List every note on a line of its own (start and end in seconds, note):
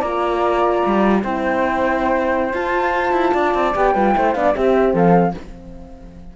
0.00 0.83 A#3
0.00 1.23 F4
0.00 1.21 D5
0.00 1.23 A#5
0.86 1.24 G3
1.23 2.54 C4
1.23 2.54 E4
1.23 3.34 C5
1.23 2.55 G5
2.54 3.13 F4
2.54 3.75 F4
2.54 3.75 A5
3.13 3.33 E4
3.34 3.55 D4
3.34 3.94 D5
3.55 3.75 C4
3.75 3.95 B3
3.75 3.95 G4
3.75 4.33 G5
3.94 4.16 G3
3.94 4.15 F4
3.94 4.14 B4
4.15 4.35 A3
4.15 4.35 E4
4.15 4.37 C5
4.33 4.56 B3
4.33 4.54 D4
4.33 4.56 D5
4.33 4.53 F5
4.54 5.35 C4
4.54 4.94 C4
4.54 4.94 G4
4.54 4.96 E5
4.94 5.34 F3
4.94 5.35 A4
4.94 5.37 F5